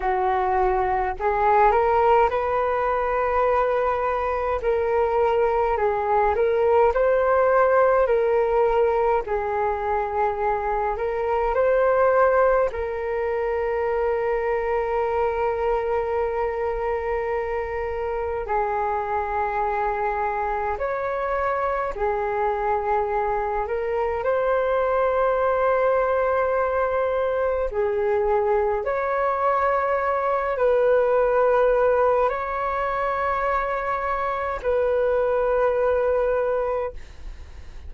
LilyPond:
\new Staff \with { instrumentName = "flute" } { \time 4/4 \tempo 4 = 52 fis'4 gis'8 ais'8 b'2 | ais'4 gis'8 ais'8 c''4 ais'4 | gis'4. ais'8 c''4 ais'4~ | ais'1 |
gis'2 cis''4 gis'4~ | gis'8 ais'8 c''2. | gis'4 cis''4. b'4. | cis''2 b'2 | }